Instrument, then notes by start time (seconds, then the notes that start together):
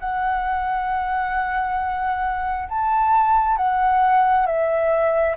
flute
0.00 F#5
2.69 A5
3.57 F#5
4.47 E5